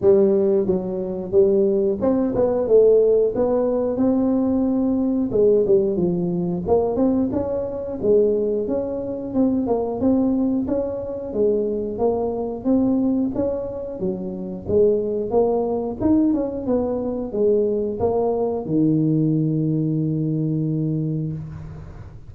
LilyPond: \new Staff \with { instrumentName = "tuba" } { \time 4/4 \tempo 4 = 90 g4 fis4 g4 c'8 b8 | a4 b4 c'2 | gis8 g8 f4 ais8 c'8 cis'4 | gis4 cis'4 c'8 ais8 c'4 |
cis'4 gis4 ais4 c'4 | cis'4 fis4 gis4 ais4 | dis'8 cis'8 b4 gis4 ais4 | dis1 | }